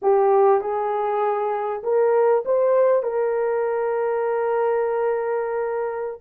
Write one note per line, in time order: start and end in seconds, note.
0.02 0.61 G4
0.61 1.82 G#4
1.83 2.44 A#4
2.45 3.02 C5
3.02 6.21 A#4